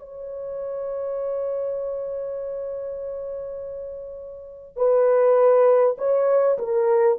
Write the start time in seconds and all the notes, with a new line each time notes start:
0.00 C#5
4.77 B4
5.99 C#5
6.59 A#4